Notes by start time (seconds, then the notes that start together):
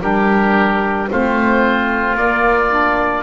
0.00 G3 D4 G4 A#4
1.10 A3 C4 F4 C5
2.15 A#3 D5
2.70 D4